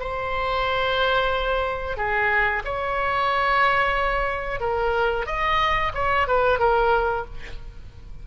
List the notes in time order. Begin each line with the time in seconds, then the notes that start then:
0.00 C5
1.97 G#4
2.65 C#5
4.61 A#4
5.27 D#5
5.95 C#5
6.28 B4
6.59 A#4